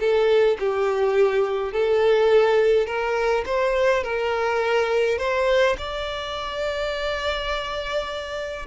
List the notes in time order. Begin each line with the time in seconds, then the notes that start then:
0.00 A4
0.60 G4
1.73 A4
2.87 A#4
3.46 C5
4.04 A#4
5.19 C5
5.78 D5